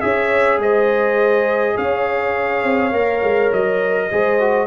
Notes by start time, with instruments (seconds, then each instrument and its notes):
0.00 tuba C#4, trombone G#4, horn C#5, trumpet E5
0.58 tuba G#3, horn C5, trumpet D#5
1.76 tuba C#4, horn C#5, trumpet F5
2.63 tuba C4
2.92 tuba A#3, trombone A#4
3.22 tuba G#3
3.52 tuba F#3, trumpet D#5
4.10 tuba G#3, trombone G#4, horn C5
4.40 trombone F#4